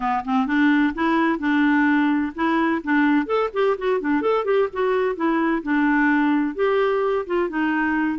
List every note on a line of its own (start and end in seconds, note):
0.00 0.24 B3
0.24 0.46 C4
0.46 0.93 D4
0.94 1.39 E4
1.39 2.32 D4
2.35 2.82 E4
2.83 3.26 D4
3.26 3.49 A4
3.53 3.76 G4
3.77 4.00 F#4
4.00 4.21 D4
4.21 4.44 A4
4.44 4.68 G4
4.73 5.15 F#4
5.15 5.62 E4
5.62 6.55 D4
6.55 7.25 G4
7.26 7.49 F4
7.49 8.18 D#4